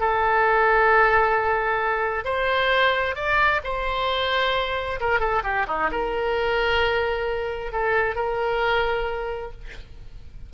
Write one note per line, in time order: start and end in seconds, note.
0.00 2.25 A4
2.25 3.16 C5
3.16 3.61 D5
3.64 5.00 C5
5.01 5.20 A#4
5.20 5.43 A4
5.44 5.67 G4
5.68 5.90 D#4
5.92 7.73 A#4
7.73 8.16 A4
8.16 9.52 A#4